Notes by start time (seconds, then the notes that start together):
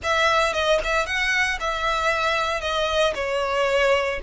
0.03 E5
0.53 D#5
0.84 E5
1.06 F#5
1.59 E5
2.61 D#5
3.14 C#5